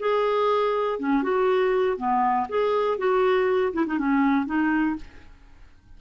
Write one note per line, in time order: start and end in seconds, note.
0.00 1.00 G#4
1.00 1.23 C#4
1.23 1.97 F#4
1.97 2.48 B3
2.49 2.98 G#4
2.98 3.73 F#4
3.73 3.86 E4
3.87 3.99 D#4
3.99 4.46 C#4
4.46 4.96 D#4